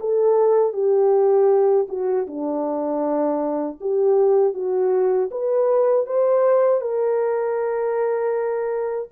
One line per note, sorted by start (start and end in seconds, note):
0.00 0.72 A4
0.72 1.86 G4
1.88 2.26 F#4
2.26 3.78 D4
3.80 4.53 G4
4.53 5.29 F#4
5.30 6.06 B4
6.06 6.80 C5
6.80 9.08 A#4